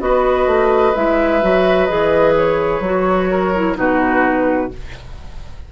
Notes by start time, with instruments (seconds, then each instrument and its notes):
0.00 bassoon B3, clarinet F#4, oboe B4, flute D#5
0.47 bassoon A3
0.95 bassoon G#3, clarinet E4, flute E5
1.42 bassoon F#3, clarinet F#4
1.86 bassoon E3, clarinet G#4, flute D#5
2.37 flute C#5
2.80 bassoon F#3, clarinet F#4
3.31 oboe A#4
3.56 clarinet E4
3.76 bassoon B2, clarinet D#4, oboe F#4, flute B4